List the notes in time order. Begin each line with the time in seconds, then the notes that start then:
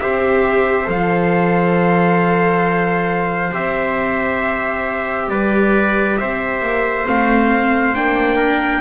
0.00 C4 G4 C5 E5
0.84 F3 A4 F5
3.52 C4 G4 E5
5.28 G3 B4 D5
6.17 C4 C5 E5
6.62 A#3
7.05 A3 C4 F5
7.95 A#3 D4 G5
8.36 A#4